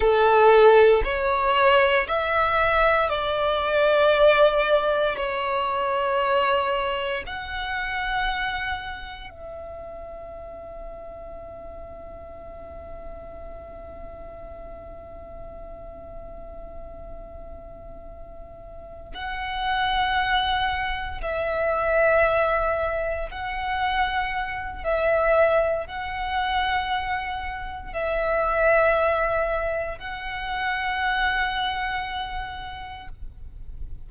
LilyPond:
\new Staff \with { instrumentName = "violin" } { \time 4/4 \tempo 4 = 58 a'4 cis''4 e''4 d''4~ | d''4 cis''2 fis''4~ | fis''4 e''2.~ | e''1~ |
e''2~ e''8 fis''4.~ | fis''8 e''2 fis''4. | e''4 fis''2 e''4~ | e''4 fis''2. | }